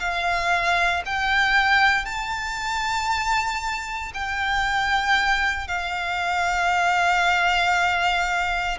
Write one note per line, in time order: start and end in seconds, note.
0.00 1.03 F5
1.06 2.05 G5
2.05 4.12 A5
4.14 5.68 G5
5.68 8.78 F5